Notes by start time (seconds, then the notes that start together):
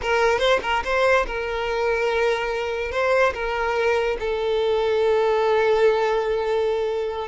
0.02 A#4
0.38 C5
0.62 A#4
0.84 C5
1.26 A#4
2.91 C5
3.34 A#4
4.19 A4